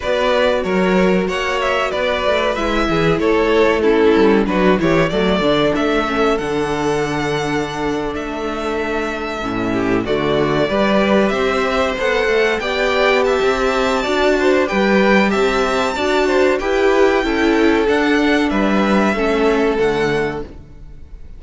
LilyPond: <<
  \new Staff \with { instrumentName = "violin" } { \time 4/4 \tempo 4 = 94 d''4 cis''4 fis''8 e''8 d''4 | e''4 cis''4 a'4 b'8 cis''8 | d''4 e''4 fis''2~ | fis''8. e''2. d''16~ |
d''4.~ d''16 e''4 fis''4 g''16~ | g''8. a''2~ a''16 g''4 | a''2 g''2 | fis''4 e''2 fis''4 | }
  \new Staff \with { instrumentName = "violin" } { \time 4/4 b'4 ais'4 cis''4 b'4~ | b'8 gis'8 a'4 e'4 fis'8 g'8 | a'1~ | a'2.~ a'16 g'8 fis'16~ |
fis'8. b'4 c''2 d''16~ | d''8. e''4~ e''16 d''8 c''8 b'4 | e''4 d''8 c''8 b'4 a'4~ | a'4 b'4 a'2 | }
  \new Staff \with { instrumentName = "viola" } { \time 4/4 fis'1 | e'2 cis'4 d'8 e'8 | a8 d'4 cis'8 d'2~ | d'2~ d'8. cis'4 a16~ |
a8. g'2 a'4 g'16~ | g'2 fis'4 g'4~ | g'4 fis'4 g'4 e'4 | d'2 cis'4 a4 | }
  \new Staff \with { instrumentName = "cello" } { \time 4/4 b4 fis4 ais4 b8 a8 | gis8 e8 a4. g8 fis8 e8 | fis8 d8 a4 d2~ | d8. a2 a,4 d16~ |
d8. g4 c'4 b8 a8 b16~ | b4 c'4 d'4 g4 | c'4 d'4 e'4 cis'4 | d'4 g4 a4 d4 | }
>>